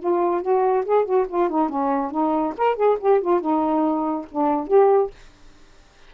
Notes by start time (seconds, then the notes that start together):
0.00 F4
0.42 F#4
0.86 G#4
1.05 F#4
1.29 F4
1.50 D#4
1.69 C#4
2.11 D#4
2.58 A#4
2.76 G#4
3.00 G4
3.22 F4
3.41 D#4
4.32 D4
4.68 G4